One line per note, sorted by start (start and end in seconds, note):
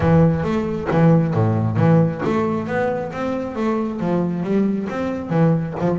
0.00 0.43 E3
0.43 0.87 A3
0.90 1.34 E3
1.34 1.77 A2
1.77 2.21 E3
2.24 2.67 A3
2.67 3.11 B3
3.12 3.55 C4
3.55 4.00 A3
4.00 4.43 F3
4.43 4.87 G3
4.89 5.29 C4
5.29 5.74 E3
5.79 5.99 F3